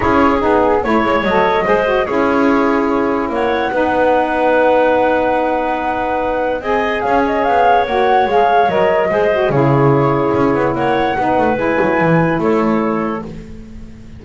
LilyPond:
<<
  \new Staff \with { instrumentName = "flute" } { \time 4/4 \tempo 4 = 145 cis''4 gis'4 cis''4 dis''4~ | dis''4 cis''2. | fis''1~ | fis''1 |
gis''4 f''8 dis''8 f''4 fis''4 | f''4 dis''2 cis''4~ | cis''2 fis''2 | gis''2 cis''2 | }
  \new Staff \with { instrumentName = "clarinet" } { \time 4/4 gis'2 cis''2 | c''4 gis'2. | cis''4 b'2.~ | b'1 |
dis''4 cis''2.~ | cis''2 c''4 gis'4~ | gis'2 cis''4 b'4~ | b'2 a'2 | }
  \new Staff \with { instrumentName = "saxophone" } { \time 4/4 e'4 dis'4 e'4 a'4 | gis'8 fis'8 e'2.~ | e'4 dis'2.~ | dis'1 |
gis'2. fis'4 | gis'4 ais'4 gis'8 fis'8 e'4~ | e'2. dis'4 | e'1 | }
  \new Staff \with { instrumentName = "double bass" } { \time 4/4 cis'4 b4 a8 gis8 fis4 | gis4 cis'2. | ais4 b2.~ | b1 |
c'4 cis'4 b4 ais4 | gis4 fis4 gis4 cis4~ | cis4 cis'8 b8 ais4 b8 a8 | gis8 fis8 e4 a2 | }
>>